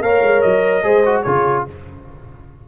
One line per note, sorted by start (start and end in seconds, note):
0.00 0.21 A#3
0.00 0.83 A#4
0.00 0.84 C#5
0.00 0.41 F5
0.22 0.42 G#3
0.41 0.83 F#3
0.41 1.22 D#5
0.83 1.24 G#3
0.83 1.03 G#4
0.83 1.25 C5
1.05 1.26 F#4
1.22 1.67 C#3
1.22 1.68 F4
1.22 1.66 G#4
1.22 1.63 C#5